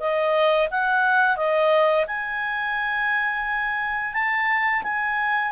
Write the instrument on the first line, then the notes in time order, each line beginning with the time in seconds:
clarinet
0.00 D#5
0.71 F#5
1.37 D#5
2.07 G#5
4.14 A5
4.83 G#5